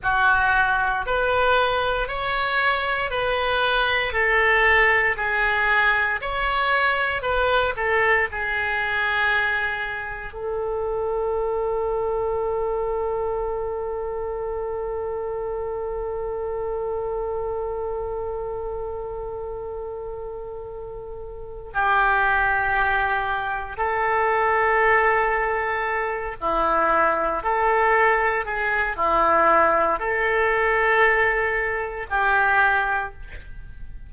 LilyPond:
\new Staff \with { instrumentName = "oboe" } { \time 4/4 \tempo 4 = 58 fis'4 b'4 cis''4 b'4 | a'4 gis'4 cis''4 b'8 a'8 | gis'2 a'2~ | a'1~ |
a'1~ | a'4 g'2 a'4~ | a'4. e'4 a'4 gis'8 | e'4 a'2 g'4 | }